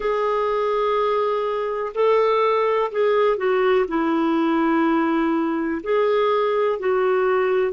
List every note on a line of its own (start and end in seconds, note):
0.00 1.93 G#4
1.94 2.91 A4
2.91 3.37 G#4
3.37 3.85 F#4
3.88 5.81 E4
5.83 6.79 G#4
6.79 7.72 F#4